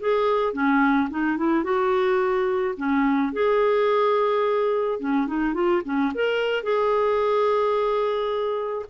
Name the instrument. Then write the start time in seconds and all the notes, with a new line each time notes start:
clarinet
0.00 G#4
0.54 C#4
1.10 D#4
1.37 E4
1.64 F#4
2.77 C#4
3.33 G#4
4.99 C#4
5.27 D#4
5.54 F4
5.85 C#4
6.15 A#4
6.63 G#4